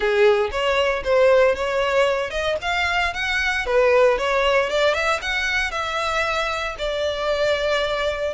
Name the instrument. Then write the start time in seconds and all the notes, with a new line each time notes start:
violin
0.00 G#4
0.51 C#5
1.04 C5
1.55 C#5
2.30 D#5
2.61 F5
3.13 F#5
3.66 B4
4.17 C#5
4.69 D5
4.94 E5
5.21 F#5
5.71 E5
6.78 D5